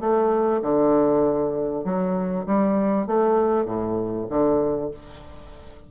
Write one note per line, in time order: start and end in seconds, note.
0.00 0.61 A3
0.62 1.84 D3
1.84 2.45 F#3
2.46 3.07 G3
3.07 3.65 A3
3.65 4.26 A2
4.30 4.91 D3